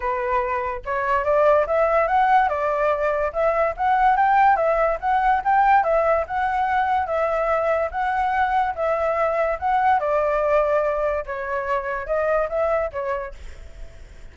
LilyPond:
\new Staff \with { instrumentName = "flute" } { \time 4/4 \tempo 4 = 144 b'2 cis''4 d''4 | e''4 fis''4 d''2 | e''4 fis''4 g''4 e''4 | fis''4 g''4 e''4 fis''4~ |
fis''4 e''2 fis''4~ | fis''4 e''2 fis''4 | d''2. cis''4~ | cis''4 dis''4 e''4 cis''4 | }